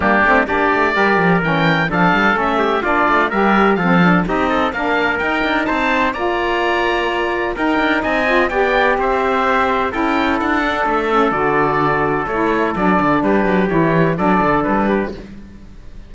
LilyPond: <<
  \new Staff \with { instrumentName = "oboe" } { \time 4/4 \tempo 4 = 127 g'4 d''2 g''4 | f''4 e''4 d''4 e''4 | f''4 dis''4 f''4 g''4 | a''4 ais''2. |
g''4 gis''4 g''4 e''4~ | e''4 g''4 fis''4 e''4 | d''2 cis''4 d''4 | b'4 cis''4 d''4 b'4 | }
  \new Staff \with { instrumentName = "trumpet" } { \time 4/4 d'4 g'4 ais'2 | a'4. g'8 f'4 ais'4 | a'4 g'8 a'8 ais'2 | c''4 d''2. |
ais'4 dis''4 d''4 c''4~ | c''4 a'2.~ | a'1 | g'2 a'4. g'8 | }
  \new Staff \with { instrumentName = "saxophone" } { \time 4/4 ais8 c'8 d'4 g'4 cis'4 | d'4 cis'4 d'4 g'4 | c'8 d'8 dis'4 d'4 dis'4~ | dis'4 f'2. |
dis'4. f'8 g'2~ | g'4 e'4. d'4 cis'8 | fis'2 e'4 d'4~ | d'4 e'4 d'2 | }
  \new Staff \with { instrumentName = "cello" } { \time 4/4 g8 a8 ais8 a8 g8 f8 e4 | f8 g8 a4 ais8 a8 g4 | f4 c'4 ais4 dis'8 d'8 | c'4 ais2. |
dis'8 d'8 c'4 b4 c'4~ | c'4 cis'4 d'4 a4 | d2 a4 fis8 d8 | g8 fis8 e4 fis8 d8 g4 | }
>>